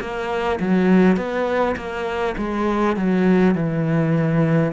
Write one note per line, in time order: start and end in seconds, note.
0.00 0.59 A#3
0.60 1.16 F#3
1.16 1.75 B3
1.76 2.35 A#3
2.37 2.96 G#3
2.96 3.54 F#3
3.54 4.72 E3